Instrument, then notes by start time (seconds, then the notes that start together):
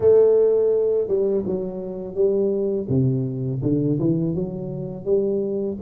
tuba
0.00 A3
1.07 G3
1.46 F#3
2.14 G3
2.88 C3
3.62 D3
3.99 E3
4.34 F#3
5.04 G3